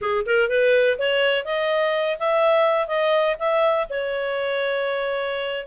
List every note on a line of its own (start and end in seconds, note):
0.01 0.25 G#4
0.26 0.49 A#4
0.49 0.97 B4
0.98 1.45 C#5
1.45 2.17 D#5
2.19 2.87 E5
2.87 3.36 D#5
3.39 3.87 E5
3.89 5.66 C#5